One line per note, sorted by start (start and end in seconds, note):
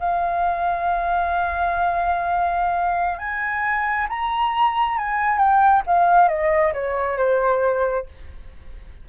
0.00 3.19 F5
3.19 4.08 G#5
4.09 4.98 A#5
4.98 5.38 G#5
5.38 5.83 G5
5.87 6.29 F5
6.29 6.73 D#5
6.74 7.18 C#5
7.18 8.06 C5